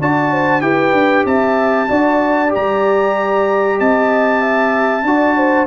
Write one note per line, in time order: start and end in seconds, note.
0.00 0.62 D4
0.00 0.62 F#4
0.00 0.31 D5
0.00 0.62 A5
0.31 0.63 C5
0.62 0.93 E4
0.62 1.88 G4
0.62 1.26 B4
0.62 1.25 G5
0.93 1.24 D4
1.26 1.89 C4
1.26 1.89 E5
1.26 2.53 A5
1.88 2.54 D4
1.88 2.49 F#4
1.88 3.79 D5
2.49 5.01 G4
2.55 3.81 G3
2.55 3.80 A#5
3.79 5.04 C4
3.79 4.42 D#5
3.79 5.67 A5
4.42 5.05 E5
5.04 5.67 D4
5.04 5.67 F#4
5.04 5.38 D5
5.38 5.67 C5